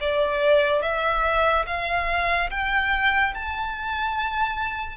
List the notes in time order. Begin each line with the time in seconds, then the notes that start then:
0.00 D5
0.82 E5
1.66 F5
2.50 G5
3.34 A5